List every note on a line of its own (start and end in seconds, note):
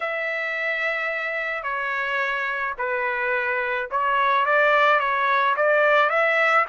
0.00 1.63 E5
1.63 2.74 C#5
2.78 3.89 B4
3.90 4.45 C#5
4.45 4.99 D5
4.99 5.55 C#5
5.56 6.09 D5
6.09 6.65 E5